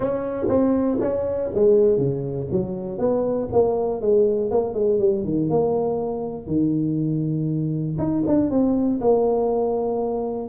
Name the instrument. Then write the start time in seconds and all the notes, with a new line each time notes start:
tuba
0.00 C#4
0.48 C4
1.00 C#4
1.54 G#3
1.97 C#3
2.51 F#3
2.98 B3
3.52 A#3
4.01 G#3
4.50 A#3
4.74 G#3
4.99 G3
5.24 D#3
5.49 A#3
6.46 D#3
7.98 D#4
8.27 D4
8.50 C4
9.00 A#3